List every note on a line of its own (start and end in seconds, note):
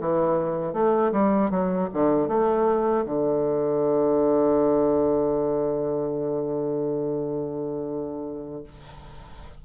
0.00 0.73 E3
0.73 1.12 A3
1.12 1.50 G3
1.50 1.89 F#3
1.93 2.28 D3
2.28 3.05 A3
3.06 8.64 D3